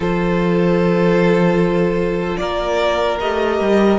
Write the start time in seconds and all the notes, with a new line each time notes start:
0.00 F3 F4 A4 C5
2.37 A#3 A#4 D5
3.20 A3 G4 D#5
3.60 G3